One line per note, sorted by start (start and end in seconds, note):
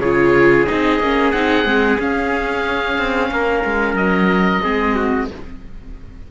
0.00 0.66 C#3
0.00 0.68 F4
0.00 3.31 G#4
0.00 0.66 C#5
0.67 1.00 C4
0.67 1.01 D#4
0.67 1.32 D#5
1.00 1.33 A#3
1.00 1.34 C#4
1.32 1.65 C4
1.32 1.65 D#4
1.32 1.98 F#5
1.65 1.98 G#3
1.65 1.98 C4
1.99 2.98 C#4
1.99 4.62 C#4
1.99 3.96 F5
2.98 3.31 C4
3.32 3.65 A#3
3.32 4.63 A#4
3.65 3.94 G#3
3.94 4.60 F#3
3.94 5.28 D#5
4.62 5.31 G#3
4.62 5.28 C4
4.62 4.96 G#4
4.96 5.29 F#4